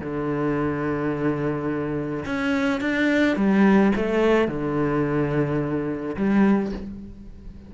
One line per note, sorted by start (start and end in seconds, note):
0.00 2.24 D3
2.25 2.80 C#4
2.80 3.36 D4
3.36 3.92 G3
3.96 4.47 A3
4.47 6.16 D3
6.16 6.72 G3